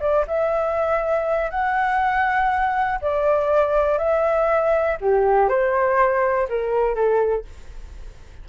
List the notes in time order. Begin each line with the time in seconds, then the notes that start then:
0.00 D5
0.27 E5
1.50 F#5
3.01 D5
3.98 E5
5.00 G4
5.48 C5
6.48 A#4
6.94 A4